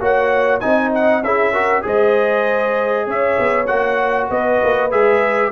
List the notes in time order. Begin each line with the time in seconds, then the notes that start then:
0.00 A#3 F#4 C#5 F#5
0.60 C4 D#4 D#5 G#5
0.94 F#5
1.21 C#4 E4 G#4 E5
1.53 F#4 A#4
1.82 G#3 G#4 C5 D#5
3.07 C#4 C#5 E5
3.39 B3
3.66 A#3 F#4 F#5
4.30 B3 B4 D#5
4.63 A#3
4.91 G#3 G#4 E5